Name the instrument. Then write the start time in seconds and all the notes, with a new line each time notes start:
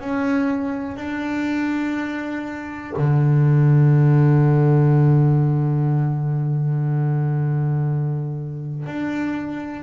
double bass
0.00 C#4
0.96 D4
2.96 D3
8.86 D4